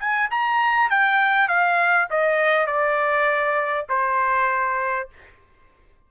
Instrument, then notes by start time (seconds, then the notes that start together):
trumpet
0.00 G#5
0.31 A#5
0.90 G5
1.48 F5
2.11 D#5
2.67 D5
3.89 C5